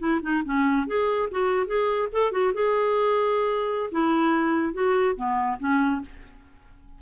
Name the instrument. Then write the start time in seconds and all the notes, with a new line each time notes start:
clarinet
0.00 E4
0.23 D#4
0.46 C#4
0.88 G#4
1.32 F#4
1.67 G#4
2.13 A4
2.32 F#4
2.54 G#4
3.92 E4
4.74 F#4
5.16 B3
5.60 C#4